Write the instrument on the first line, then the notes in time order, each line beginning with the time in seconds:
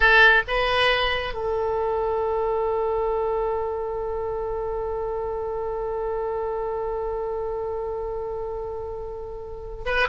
oboe
0.00 A4
0.47 B4
1.33 A4
9.85 B4